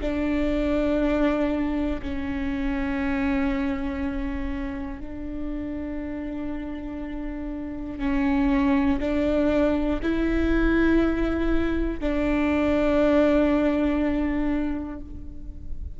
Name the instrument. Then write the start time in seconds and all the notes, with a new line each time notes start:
viola
0.00 D4
2.01 C#4
5.00 D4
7.99 C#4
9.00 D4
10.02 E4
12.00 D4